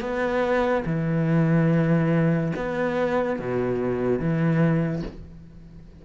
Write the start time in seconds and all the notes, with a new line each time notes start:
0.00 B3
0.85 E3
2.55 B3
3.39 B2
4.19 E3